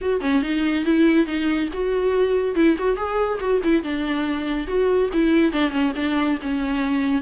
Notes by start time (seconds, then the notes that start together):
0.01 F#4
0.21 C#4
0.42 D#4
0.85 E4
1.26 D#4
1.73 F#4
2.55 E4
2.78 F#4
2.96 G#4
3.39 F#4
3.63 E4
3.83 D4
4.67 F#4
5.13 E4
5.52 D4
5.71 C#4
5.95 D4
6.42 C#4